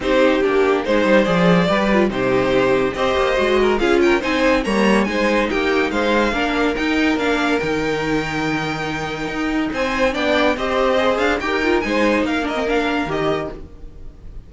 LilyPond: <<
  \new Staff \with { instrumentName = "violin" } { \time 4/4 \tempo 4 = 142 c''4 g'4 c''4 d''4~ | d''4 c''2 dis''4~ | dis''4 f''8 g''8 gis''4 ais''4 | gis''4 g''4 f''2 |
g''4 f''4 g''2~ | g''2. gis''4 | g''4 dis''4. f''8 g''4 | gis''4 f''8 dis''8 f''4 dis''4 | }
  \new Staff \with { instrumentName = "violin" } { \time 4/4 g'2 c''2 | b'4 g'2 c''4~ | c''8 ais'8 gis'8 ais'8 c''4 cis''4 | c''4 g'4 c''4 ais'4~ |
ais'1~ | ais'2. c''4 | d''4 c''2 ais'4 | c''4 ais'2. | }
  \new Staff \with { instrumentName = "viola" } { \time 4/4 dis'4 d'4 dis'4 gis'4 | g'8 f'8 dis'2 g'4 | fis'4 f'4 dis'4 ais4 | dis'2. d'4 |
dis'4 d'4 dis'2~ | dis'1 | d'4 g'4 gis'4 g'8 f'8 | dis'4. d'16 c'16 d'4 g'4 | }
  \new Staff \with { instrumentName = "cello" } { \time 4/4 c'4 ais4 gis8 g8 f4 | g4 c2 c'8 ais8 | gis4 cis'4 c'4 g4 | gis4 ais4 gis4 ais4 |
dis'4 ais4 dis2~ | dis2 dis'4 c'4 | b4 c'4. d'8 dis'4 | gis4 ais2 dis4 | }
>>